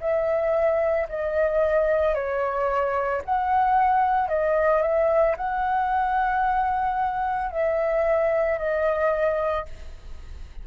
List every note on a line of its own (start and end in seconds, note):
0.00 1.07 E5
1.09 2.14 D#5
2.14 3.21 C#5
3.25 4.28 F#5
4.28 4.82 D#5
4.82 5.35 E5
5.37 7.51 F#5
7.51 8.58 E5
8.58 9.65 D#5